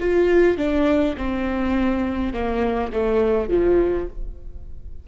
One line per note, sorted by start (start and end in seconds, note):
0.00 0.58 F4
0.58 1.16 D4
1.17 2.34 C4
2.34 2.92 A#3
2.93 3.49 A3
3.49 4.08 F3